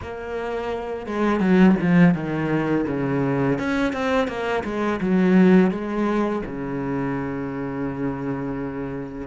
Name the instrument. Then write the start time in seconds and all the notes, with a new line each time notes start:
cello
0.02 A#3
1.06 G#3
1.40 F#3
1.81 F3
2.14 D#3
2.87 C#3
3.58 C#4
3.93 C4
4.27 A#3
4.64 G#3
5.00 F#3
5.70 G#3
6.45 C#3